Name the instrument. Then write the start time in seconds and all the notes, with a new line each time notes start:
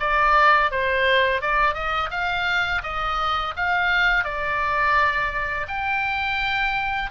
oboe
0.00 D5
0.71 C5
1.42 D5
1.74 D#5
2.11 F5
2.83 D#5
3.56 F5
4.24 D5
5.68 G5